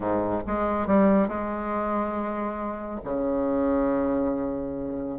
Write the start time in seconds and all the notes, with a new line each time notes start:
0.00 G#2
0.47 G#3
0.86 G3
1.28 G#3
3.04 C#3